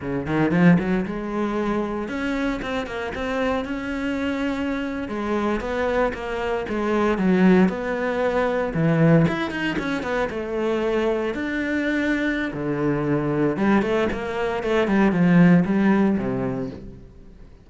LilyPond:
\new Staff \with { instrumentName = "cello" } { \time 4/4 \tempo 4 = 115 cis8 dis8 f8 fis8 gis2 | cis'4 c'8 ais8 c'4 cis'4~ | cis'4.~ cis'16 gis4 b4 ais16~ | ais8. gis4 fis4 b4~ b16~ |
b8. e4 e'8 dis'8 cis'8 b8 a16~ | a4.~ a16 d'2~ d'16 | d2 g8 a8 ais4 | a8 g8 f4 g4 c4 | }